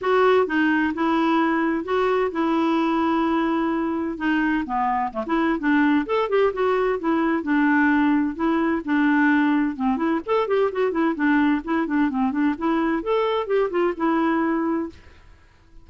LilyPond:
\new Staff \with { instrumentName = "clarinet" } { \time 4/4 \tempo 4 = 129 fis'4 dis'4 e'2 | fis'4 e'2.~ | e'4 dis'4 b4 a16 e'8. | d'4 a'8 g'8 fis'4 e'4 |
d'2 e'4 d'4~ | d'4 c'8 e'8 a'8 g'8 fis'8 e'8 | d'4 e'8 d'8 c'8 d'8 e'4 | a'4 g'8 f'8 e'2 | }